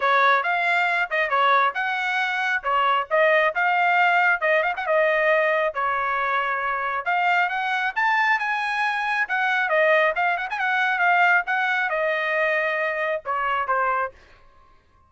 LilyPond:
\new Staff \with { instrumentName = "trumpet" } { \time 4/4 \tempo 4 = 136 cis''4 f''4. dis''8 cis''4 | fis''2 cis''4 dis''4 | f''2 dis''8 f''16 fis''16 dis''4~ | dis''4 cis''2. |
f''4 fis''4 a''4 gis''4~ | gis''4 fis''4 dis''4 f''8 fis''16 gis''16 | fis''4 f''4 fis''4 dis''4~ | dis''2 cis''4 c''4 | }